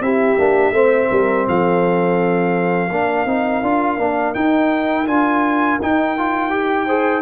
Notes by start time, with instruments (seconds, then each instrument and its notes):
0.00 tuba C4, trombone E4, horn G4, trumpet E5
0.38 tuba A#3, trombone D4
0.71 tuba A3, trombone C4, horn C5
1.11 tuba G3, horn A#4
1.47 tuba F3, horn A4, trumpet F5
2.89 tuba A#3, trombone D4, horn A#4
3.25 tuba C4, trombone D#4
3.62 tuba D4, trombone F4
3.97 tuba A#3, trombone D4
4.34 trombone D#4, tuba D#4, trumpet G5
5.06 tuba D4, trombone F4, trumpet G#5
5.81 trombone D#4, tuba D#4, trumpet G5
6.17 trombone F4
6.50 trombone G4
6.86 trombone G#4, horn C5